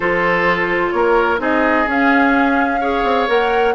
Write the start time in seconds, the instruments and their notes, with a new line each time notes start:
0.00 bassoon F3, clarinet F4, oboe A4, flute C5
0.91 bassoon A#3, oboe A#4, flute C#5
1.38 bassoon C4, clarinet D#4, oboe G#4, flute D#5
1.86 bassoon C#4, clarinet C#4, flute F5
2.80 clarinet G#4, oboe C#5
3.03 bassoon C4
3.28 bassoon A#3, clarinet A#4, flute F#5